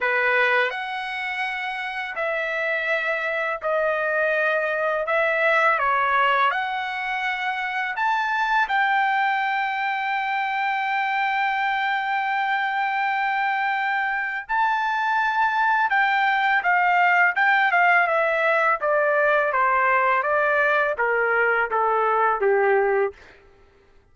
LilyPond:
\new Staff \with { instrumentName = "trumpet" } { \time 4/4 \tempo 4 = 83 b'4 fis''2 e''4~ | e''4 dis''2 e''4 | cis''4 fis''2 a''4 | g''1~ |
g''1 | a''2 g''4 f''4 | g''8 f''8 e''4 d''4 c''4 | d''4 ais'4 a'4 g'4 | }